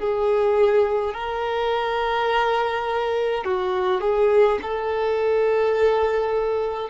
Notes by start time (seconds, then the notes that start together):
0.00 G#4
1.15 A#4
3.45 F#4
4.01 G#4
4.63 A4